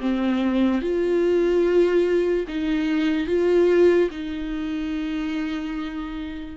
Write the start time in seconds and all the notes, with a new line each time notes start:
0.00 C4
0.81 F4
2.48 D#4
3.27 F4
4.11 D#4